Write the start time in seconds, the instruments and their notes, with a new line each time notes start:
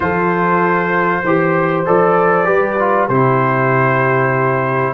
0.00 tuba F3, trombone F4, horn A4, trumpet C5
1.23 tuba E3, trombone G4, horn C5
1.86 tuba F3, trombone A4, trumpet D5
2.45 tuba G3, trombone G4, horn B4
2.79 trombone F4
3.08 tuba C3, trombone E4, horn G4, trumpet C5